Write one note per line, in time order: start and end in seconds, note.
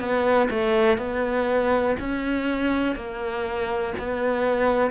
0.00 0.49 B3
0.51 0.98 A3
0.98 1.96 B3
2.00 2.96 C#4
2.96 3.94 A#3
3.98 4.91 B3